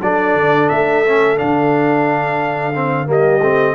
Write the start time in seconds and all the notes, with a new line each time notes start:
0.00 F#3 D4 A4 D5
0.34 D3
0.69 A3 E5
1.06 C#4
1.37 D3 D4 F5
2.75 C4
3.06 G3 A#3 G4 D#5
3.40 A3 C4